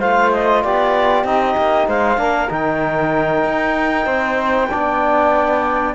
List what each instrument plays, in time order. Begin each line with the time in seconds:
0.00 cello A3, trombone F4, flute C5, clarinet F5
0.32 clarinet D#5
0.63 cello B3, flute G4, clarinet D5
1.24 cello C4, trombone D#4, clarinet D#5
1.57 cello A#3
1.87 cello G#3, flute C5, clarinet F5
2.17 cello A#3, trombone D4, flute A#4
2.50 cello D#3, trombone D#4, clarinet G5
3.44 cello D#4
4.06 cello C4, flute C5
4.70 cello B3, trombone D4, flute D5